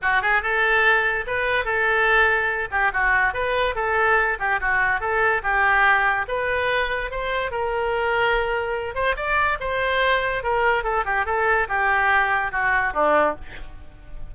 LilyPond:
\new Staff \with { instrumentName = "oboe" } { \time 4/4 \tempo 4 = 144 fis'8 gis'8 a'2 b'4 | a'2~ a'8 g'8 fis'4 | b'4 a'4. g'8 fis'4 | a'4 g'2 b'4~ |
b'4 c''4 ais'2~ | ais'4. c''8 d''4 c''4~ | c''4 ais'4 a'8 g'8 a'4 | g'2 fis'4 d'4 | }